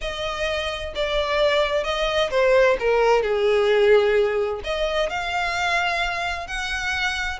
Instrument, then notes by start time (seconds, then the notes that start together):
violin
0.01 D#5
0.95 D5
1.83 D#5
2.30 C5
2.79 A#4
3.22 G#4
4.64 D#5
5.09 F5
6.47 F#5